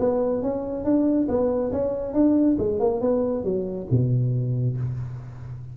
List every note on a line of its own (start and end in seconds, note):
0.00 0.43 B3
0.43 0.85 C#4
0.85 1.28 D4
1.29 1.72 B3
1.72 2.14 C#4
2.14 2.57 D4
2.59 2.80 G#3
2.80 3.01 A#3
3.01 3.45 B3
3.45 3.88 F#3
3.91 4.78 B2